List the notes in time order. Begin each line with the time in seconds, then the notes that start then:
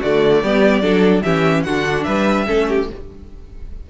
0.00 D3 A3 F#4 D5
0.43 G3 B3 G4
0.81 F#3 D4 A4
1.22 E3 C#4 G4 E5
1.63 D3 D4 F#4 F#5
2.04 G3 B4 E5
2.47 A3 C#4 A4
2.69 G4